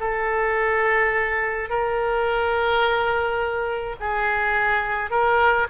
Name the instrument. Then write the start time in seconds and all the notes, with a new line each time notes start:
oboe
0.00 A4
1.70 A#4
4.00 G#4
5.11 A#4